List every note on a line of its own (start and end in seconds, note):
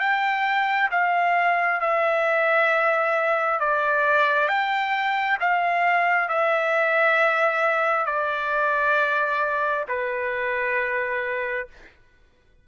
0.00 0.90 G5
0.91 1.81 F5
1.81 3.60 E5
3.60 4.49 D5
4.49 5.38 G5
5.41 6.29 F5
6.29 8.06 E5
8.06 9.85 D5
9.89 11.68 B4